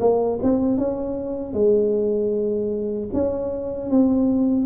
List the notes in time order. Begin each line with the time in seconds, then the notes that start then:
0.00 A#3
0.42 C4
0.78 C#4
1.53 G#3
3.13 C#4
3.90 C4